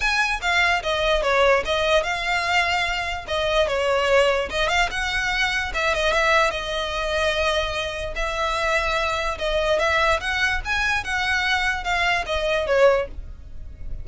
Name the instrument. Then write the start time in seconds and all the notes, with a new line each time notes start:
violin
0.00 G#5
0.41 F5
0.83 D#5
1.22 C#5
1.65 D#5
2.03 F5
3.27 D#5
3.67 C#5
4.50 D#5
4.68 F5
4.90 F#5
5.73 E5
5.94 D#5
6.12 E5
6.50 D#5
8.15 E5
9.38 D#5
9.79 E5
10.20 F#5
10.65 G#5
11.04 F#5
11.84 F5
12.26 D#5
12.66 C#5